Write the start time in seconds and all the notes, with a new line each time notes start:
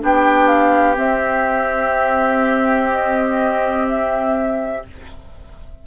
0.00 B3 D4 G4 G5
0.48 F5
0.96 C4 E5
2.91 D#5
3.89 E5